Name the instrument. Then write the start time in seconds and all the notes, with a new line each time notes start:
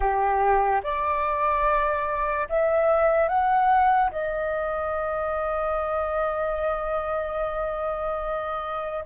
flute
0.00 G4
0.83 D5
2.49 E5
3.28 F#5
4.11 D#5